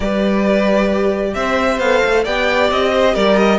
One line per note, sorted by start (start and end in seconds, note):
0.00 1.34 G3
0.00 1.81 G4
0.00 1.31 B4
0.00 1.34 D5
1.34 1.78 C4
1.34 2.24 C5
1.34 1.79 E5
1.78 2.01 B3
1.78 2.26 A4
1.78 2.24 F5
2.04 2.26 A3
2.24 2.70 B3
2.24 3.58 G4
2.24 2.91 D5
2.24 2.70 G5
2.70 3.15 C4
2.70 3.14 D#5
2.93 3.14 C5
3.14 3.58 G3
3.14 3.58 A#4
3.14 3.37 D5
3.37 3.58 D#5